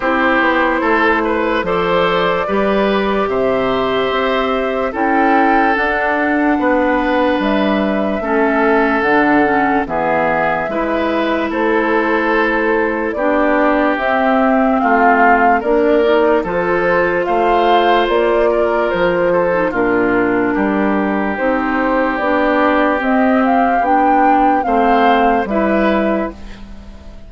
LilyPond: <<
  \new Staff \with { instrumentName = "flute" } { \time 4/4 \tempo 4 = 73 c''2 d''2 | e''2 g''4 fis''4~ | fis''4 e''2 fis''4 | e''2 c''2 |
d''4 e''4 f''4 d''4 | c''4 f''4 d''4 c''4 | ais'2 c''4 d''4 | dis''8 f''8 g''4 f''4 e''4 | }
  \new Staff \with { instrumentName = "oboe" } { \time 4/4 g'4 a'8 b'8 c''4 b'4 | c''2 a'2 | b'2 a'2 | gis'4 b'4 a'2 |
g'2 f'4 ais'4 | a'4 c''4. ais'4 a'8 | f'4 g'2.~ | g'2 c''4 b'4 | }
  \new Staff \with { instrumentName = "clarinet" } { \time 4/4 e'2 a'4 g'4~ | g'2 e'4 d'4~ | d'2 cis'4 d'8 cis'8 | b4 e'2. |
d'4 c'2 d'8 dis'8 | f'2.~ f'8. dis'16 | d'2 dis'4 d'4 | c'4 d'4 c'4 e'4 | }
  \new Staff \with { instrumentName = "bassoon" } { \time 4/4 c'8 b8 a4 f4 g4 | c4 c'4 cis'4 d'4 | b4 g4 a4 d4 | e4 gis4 a2 |
b4 c'4 a4 ais4 | f4 a4 ais4 f4 | ais,4 g4 c'4 b4 | c'4 b4 a4 g4 | }
>>